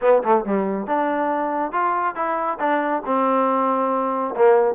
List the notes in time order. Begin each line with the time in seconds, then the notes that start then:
0.01 B3
0.23 A3
0.44 G3
0.86 D4
1.72 F4
2.15 E4
2.59 D4
3.05 C4
4.35 A#3